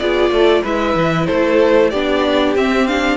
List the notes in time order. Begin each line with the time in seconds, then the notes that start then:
0.00 B3 F4 G#4 D5
0.31 A3 A4
0.63 G#3 E4 B4 E5
0.96 E3
1.27 A3 A4 C5
1.91 B3 D4 G4 D5
2.56 C4 E5
2.87 D4 F5